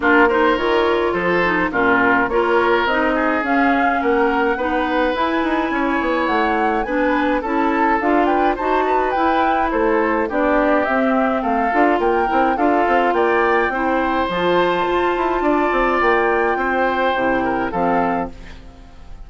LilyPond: <<
  \new Staff \with { instrumentName = "flute" } { \time 4/4 \tempo 4 = 105 ais'8 c''8 cis''4 c''4 ais'4 | cis''4 dis''4 f''4 fis''4~ | fis''4 gis''2 fis''4 | gis''4 a''4 f''8 g''8 a''4 |
g''4 c''4 d''4 e''4 | f''4 g''4 f''4 g''4~ | g''4 a''2. | g''2. f''4 | }
  \new Staff \with { instrumentName = "oboe" } { \time 4/4 f'8 ais'4. a'4 f'4 | ais'4. gis'4. ais'4 | b'2 cis''2 | b'4 a'4. b'8 c''8 b'8~ |
b'4 a'4 g'2 | a'4 ais'4 a'4 d''4 | c''2. d''4~ | d''4 c''4. ais'8 a'4 | }
  \new Staff \with { instrumentName = "clarinet" } { \time 4/4 d'8 dis'8 f'4. dis'8 cis'4 | f'4 dis'4 cis'2 | dis'4 e'2. | d'4 e'4 f'4 fis'4 |
e'2 d'4 c'4~ | c'8 f'4 e'8 f'2 | e'4 f'2.~ | f'2 e'4 c'4 | }
  \new Staff \with { instrumentName = "bassoon" } { \time 4/4 ais4 dis4 f4 ais,4 | ais4 c'4 cis'4 ais4 | b4 e'8 dis'8 cis'8 b8 a4 | b4 cis'4 d'4 dis'4 |
e'4 a4 b4 c'4 | a8 d'8 ais8 c'8 d'8 c'8 ais4 | c'4 f4 f'8 e'8 d'8 c'8 | ais4 c'4 c4 f4 | }
>>